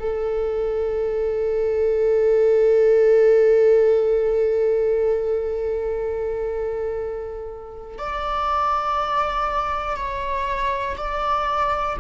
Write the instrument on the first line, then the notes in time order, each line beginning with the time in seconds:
viola
0.00 A4
7.98 D5
9.96 C#5
10.98 D5